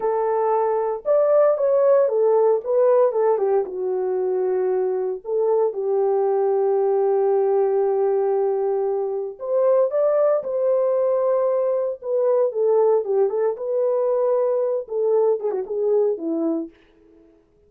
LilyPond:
\new Staff \with { instrumentName = "horn" } { \time 4/4 \tempo 4 = 115 a'2 d''4 cis''4 | a'4 b'4 a'8 g'8 fis'4~ | fis'2 a'4 g'4~ | g'1~ |
g'2 c''4 d''4 | c''2. b'4 | a'4 g'8 a'8 b'2~ | b'8 a'4 gis'16 fis'16 gis'4 e'4 | }